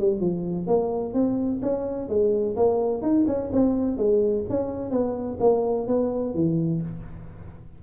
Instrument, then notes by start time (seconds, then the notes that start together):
tuba
0.00 G3
0.21 F3
0.67 A#3
1.14 C4
1.63 C#4
2.09 G#3
2.57 A#3
3.02 D#4
3.28 C#4
3.53 C4
3.98 G#3
4.50 C#4
4.91 B3
5.41 A#3
5.88 B3
6.35 E3